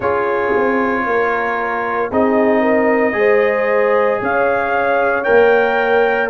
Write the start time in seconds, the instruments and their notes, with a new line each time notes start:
0.00 tuba C#4, trombone F4, horn G#4, trumpet C#5
0.56 tuba C4
1.05 tuba A#3, horn A#4
2.11 tuba C4, trombone D#4, horn G#4, trumpet D#5
2.61 horn A#4
3.12 tuba G#3, trombone G#4, horn C5
4.21 tuba C#4, horn C#5, trumpet F5
5.23 tuba A#3, trombone A#4, trumpet G5